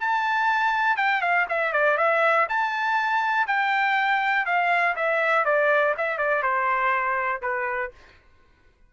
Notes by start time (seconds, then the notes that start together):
0.00 A5
0.97 G5
1.21 F5
1.49 E5
1.73 D5
1.97 E5
2.49 A5
3.47 G5
4.46 F5
4.96 E5
5.45 D5
5.98 E5
6.18 D5
6.43 C5
7.42 B4